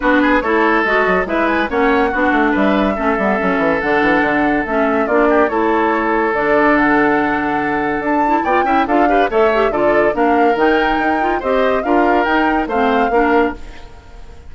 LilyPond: <<
  \new Staff \with { instrumentName = "flute" } { \time 4/4 \tempo 4 = 142 b'4 cis''4 dis''4 e''8 gis''8 | fis''2 e''2~ | e''4 fis''2 e''4 | d''4 cis''2 d''4 |
fis''2. a''4 | g''4 f''4 e''4 d''4 | f''4 g''2 dis''4 | f''4 g''4 f''2 | }
  \new Staff \with { instrumentName = "oboe" } { \time 4/4 fis'8 gis'8 a'2 b'4 | cis''4 fis'4 b'4 a'4~ | a'1 | f'8 g'8 a'2.~ |
a'1 | d''8 e''8 a'8 b'8 cis''4 a'4 | ais'2. c''4 | ais'2 c''4 ais'4 | }
  \new Staff \with { instrumentName = "clarinet" } { \time 4/4 d'4 e'4 fis'4 e'4 | cis'4 d'2 cis'8 b8 | cis'4 d'2 cis'4 | d'4 e'2 d'4~ |
d'2.~ d'8 e'8 | f'8 e'8 f'8 g'8 a'8 g'8 f'4 | d'4 dis'4. f'8 g'4 | f'4 dis'4 c'4 d'4 | }
  \new Staff \with { instrumentName = "bassoon" } { \time 4/4 b4 a4 gis8 fis8 gis4 | ais4 b8 a8 g4 a8 g8 | fis8 e8 d8 e8 d4 a4 | ais4 a2 d4~ |
d2. d'4 | b8 cis'8 d'4 a4 d4 | ais4 dis4 dis'4 c'4 | d'4 dis'4 a4 ais4 | }
>>